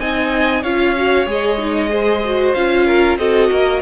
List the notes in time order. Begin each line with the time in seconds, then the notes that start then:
0.00 C4 D#4 D#5 G#5
0.62 C#4 F4 C#5 F5
0.97 F#4
1.27 G#3 G#4 D#5
1.59 D#4
1.90 G#4 C5
2.25 F#4
2.54 C#4 F4 F5
2.87 A#4
3.18 C4 F#4 A4 D#5
3.51 A#3 A#4